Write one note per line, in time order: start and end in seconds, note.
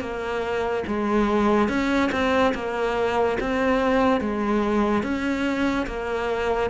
0.00 0.83 A#3
0.86 1.68 G#3
1.68 2.10 C#4
2.11 2.53 C4
2.54 3.37 A#3
3.40 4.20 C4
4.20 5.03 G#3
5.03 5.86 C#4
5.86 6.70 A#3